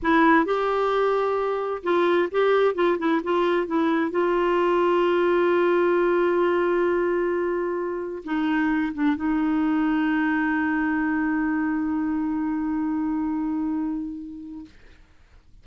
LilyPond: \new Staff \with { instrumentName = "clarinet" } { \time 4/4 \tempo 4 = 131 e'4 g'2. | f'4 g'4 f'8 e'8 f'4 | e'4 f'2.~ | f'1~ |
f'2 dis'4. d'8 | dis'1~ | dis'1~ | dis'1 | }